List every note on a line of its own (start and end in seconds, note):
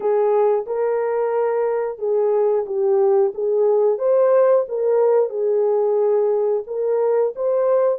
0.00 0.65 G#4
0.66 1.98 A#4
1.98 2.65 G#4
2.65 3.32 G4
3.34 3.98 G#4
3.98 4.65 C5
4.68 5.29 A#4
5.29 6.63 G#4
6.66 7.33 A#4
7.35 7.98 C5